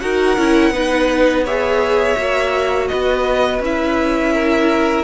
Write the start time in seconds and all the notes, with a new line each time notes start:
0.00 D#4 F#4 A#4 F#5
0.37 C#4 E4
0.71 B3 D#4 B4
1.44 G#4 C#5 E5
2.16 A#3 F#4
2.88 B3 B4 D#5
3.59 C#4 E4 E5
4.33 A#4